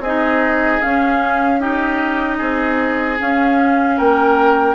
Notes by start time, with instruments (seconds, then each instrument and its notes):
0.00 bassoon C4, oboe G#4, flute D#5
0.06 clarinet D#4
0.82 clarinet C#4, bassoon C#4, flute F5
1.60 clarinet D#4, oboe G4, flute D#5
2.38 bassoon C4, oboe G#4
3.19 clarinet C#4, bassoon C#4, flute F5
3.98 bassoon A#3, oboe A#4, flute G5